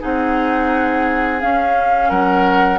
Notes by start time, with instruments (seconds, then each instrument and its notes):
0.00 bassoon C4, clarinet D#4, oboe G#4, flute F#5
1.41 clarinet C#4, bassoon C#4, flute F5
2.09 bassoon F#3, oboe A#4, flute F#5